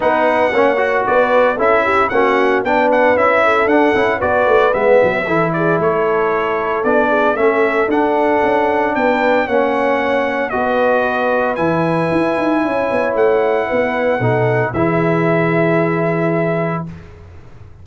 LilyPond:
<<
  \new Staff \with { instrumentName = "trumpet" } { \time 4/4 \tempo 4 = 114 fis''2 d''4 e''4 | fis''4 g''8 fis''8 e''4 fis''4 | d''4 e''4. d''8 cis''4~ | cis''4 d''4 e''4 fis''4~ |
fis''4 g''4 fis''2 | dis''2 gis''2~ | gis''4 fis''2. | e''1 | }
  \new Staff \with { instrumentName = "horn" } { \time 4/4 b'4 cis''4 b'4 a'8 g'8 | fis'4 b'4. a'4. | b'2 a'8 gis'8 a'4~ | a'4. gis'8 a'2~ |
a'4 b'4 cis''2 | b'1 | cis''2 b'4 a'4 | gis'1 | }
  \new Staff \with { instrumentName = "trombone" } { \time 4/4 dis'4 cis'8 fis'4. e'4 | cis'4 d'4 e'4 d'8 e'8 | fis'4 b4 e'2~ | e'4 d'4 cis'4 d'4~ |
d'2 cis'2 | fis'2 e'2~ | e'2. dis'4 | e'1 | }
  \new Staff \with { instrumentName = "tuba" } { \time 4/4 b4 ais4 b4 cis'4 | ais4 b4 cis'4 d'8 cis'8 | b8 a8 gis8 fis8 e4 a4~ | a4 b4 a4 d'4 |
cis'4 b4 ais2 | b2 e4 e'8 dis'8 | cis'8 b8 a4 b4 b,4 | e1 | }
>>